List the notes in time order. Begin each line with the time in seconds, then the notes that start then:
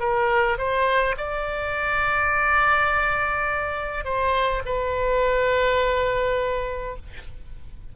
0.00 A#4
0.58 C5
1.17 D5
4.05 C5
4.66 B4